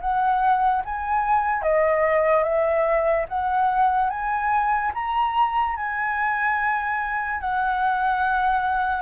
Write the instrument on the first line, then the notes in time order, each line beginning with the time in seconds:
flute
0.00 F#5
0.84 G#5
1.61 D#5
2.43 E5
3.28 F#5
4.09 G#5
4.94 A#5
5.76 G#5
7.40 F#5